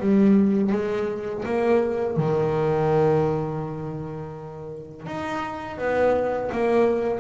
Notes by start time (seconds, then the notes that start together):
0.00 G3
0.72 G#3
1.46 A#3
2.17 D#3
5.06 D#4
5.78 B3
6.52 A#3